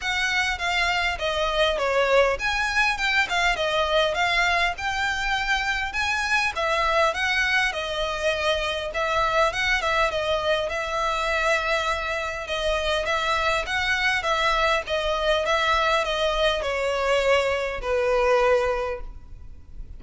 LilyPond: \new Staff \with { instrumentName = "violin" } { \time 4/4 \tempo 4 = 101 fis''4 f''4 dis''4 cis''4 | gis''4 g''8 f''8 dis''4 f''4 | g''2 gis''4 e''4 | fis''4 dis''2 e''4 |
fis''8 e''8 dis''4 e''2~ | e''4 dis''4 e''4 fis''4 | e''4 dis''4 e''4 dis''4 | cis''2 b'2 | }